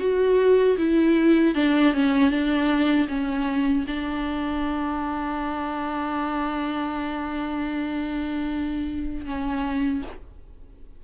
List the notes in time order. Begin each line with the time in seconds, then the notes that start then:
0.00 F#4
0.78 E4
1.55 D4
1.94 C#4
2.31 D4
3.08 C#4
3.87 D4
9.26 C#4